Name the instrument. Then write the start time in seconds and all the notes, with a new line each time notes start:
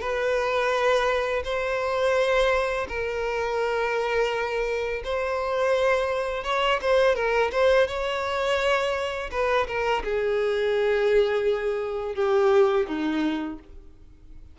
violin
0.00 B4
1.44 C5
2.88 A#4
5.04 C5
6.44 C#5
6.81 C5
7.15 A#4
7.51 C5
7.87 C#5
9.31 B4
9.67 A#4
10.04 G#4
12.15 G4
12.87 D#4